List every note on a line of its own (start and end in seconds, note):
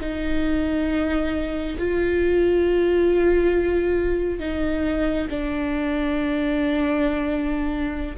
0.00 1.76 D#4
1.78 4.39 F4
4.39 5.27 D#4
5.30 8.17 D4